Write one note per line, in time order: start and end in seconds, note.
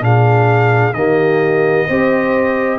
0.00 0.93 A#2
0.00 0.92 D4
0.00 0.94 G#4
0.00 0.93 F5
0.93 1.86 D#3
0.93 1.89 A#3
0.93 1.87 G4
0.93 2.78 D#5
1.87 2.79 C4
1.87 2.79 G4
1.87 2.79 C5